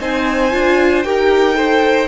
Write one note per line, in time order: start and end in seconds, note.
0.00 0.53 C4
0.00 0.51 D#4
0.00 1.05 C5
0.00 1.03 G#5
0.51 1.05 D4
0.51 1.04 F4
1.03 2.08 D#4
1.03 1.53 G4
1.03 1.57 A#4
1.03 2.08 G5
1.53 2.06 A4
1.53 2.08 C5